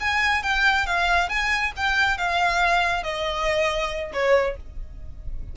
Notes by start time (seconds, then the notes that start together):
0.00 G#5
0.43 G5
0.87 F5
1.29 G#5
1.76 G5
2.18 F5
3.03 D#5
4.13 C#5